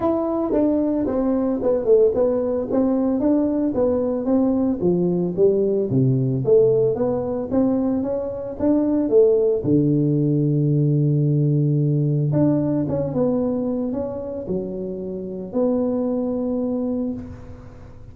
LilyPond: \new Staff \with { instrumentName = "tuba" } { \time 4/4 \tempo 4 = 112 e'4 d'4 c'4 b8 a8 | b4 c'4 d'4 b4 | c'4 f4 g4 c4 | a4 b4 c'4 cis'4 |
d'4 a4 d2~ | d2. d'4 | cis'8 b4. cis'4 fis4~ | fis4 b2. | }